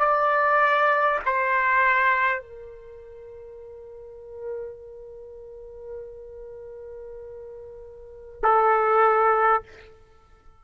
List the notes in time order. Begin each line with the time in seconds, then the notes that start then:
0.00 D5
1.26 C5
2.41 A#4
8.43 A4